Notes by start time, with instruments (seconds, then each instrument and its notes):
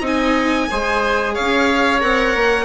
0.00 bassoon C4, viola D#4, oboe D#5
0.06 violin G#5
0.70 bassoon G#3, viola G#4, oboe C5
1.34 bassoon C#4, oboe C#5, violin F5
2.00 bassoon C4, viola A#4, violin F#5
2.35 bassoon A#3